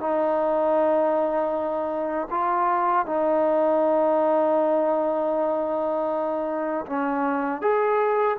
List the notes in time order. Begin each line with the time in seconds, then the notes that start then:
0.00 D#4
2.30 F4
3.06 D#4
6.86 C#4
7.62 G#4